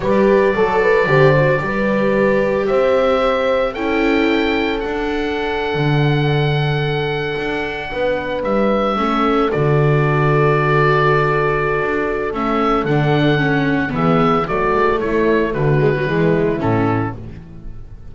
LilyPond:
<<
  \new Staff \with { instrumentName = "oboe" } { \time 4/4 \tempo 4 = 112 d''1~ | d''4 e''2 g''4~ | g''4 fis''2.~ | fis''2.~ fis''8. e''16~ |
e''4.~ e''16 d''2~ d''16~ | d''2. e''4 | fis''2 e''4 d''4 | cis''4 b'2 a'4 | }
  \new Staff \with { instrumentName = "horn" } { \time 4/4 b'4 a'8 b'8 c''4 b'4~ | b'4 c''2 a'4~ | a'1~ | a'2~ a'8. b'4~ b'16~ |
b'8. a'2.~ a'16~ | a'1~ | a'2 gis'4 fis'4 | e'4 fis'4 e'2 | }
  \new Staff \with { instrumentName = "viola" } { \time 4/4 g'4 a'4 g'8 fis'8 g'4~ | g'2. e'4~ | e'4 d'2.~ | d'1~ |
d'8. cis'4 fis'2~ fis'16~ | fis'2. cis'4 | d'4 cis'4 b4 a4~ | a4. gis16 fis16 gis4 cis'4 | }
  \new Staff \with { instrumentName = "double bass" } { \time 4/4 g4 fis4 d4 g4~ | g4 c'2 cis'4~ | cis'4 d'4.~ d'16 d4~ d16~ | d4.~ d16 d'4 b4 g16~ |
g8. a4 d2~ d16~ | d2 d'4 a4 | d2 e4 fis8 gis8 | a4 d4 e4 a,4 | }
>>